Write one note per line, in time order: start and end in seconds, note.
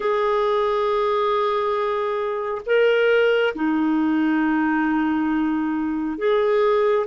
0.00 2.61 G#4
2.66 3.54 A#4
3.54 6.18 D#4
6.18 7.06 G#4